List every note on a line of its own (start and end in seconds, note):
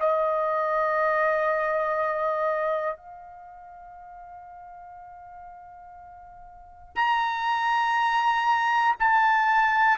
0.00 2.97 D#5
2.97 6.95 F5
6.95 8.95 A#5
9.00 9.98 A5